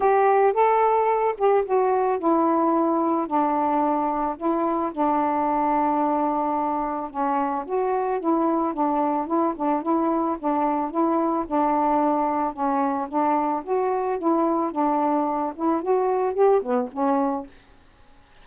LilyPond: \new Staff \with { instrumentName = "saxophone" } { \time 4/4 \tempo 4 = 110 g'4 a'4. g'8 fis'4 | e'2 d'2 | e'4 d'2.~ | d'4 cis'4 fis'4 e'4 |
d'4 e'8 d'8 e'4 d'4 | e'4 d'2 cis'4 | d'4 fis'4 e'4 d'4~ | d'8 e'8 fis'4 g'8 b8 cis'4 | }